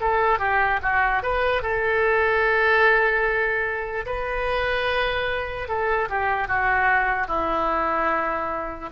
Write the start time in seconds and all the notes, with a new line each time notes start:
0.00 A4
0.39 G4
0.82 F#4
1.22 B4
1.62 A4
4.06 B4
5.68 A4
6.09 G4
6.48 F#4
7.27 E4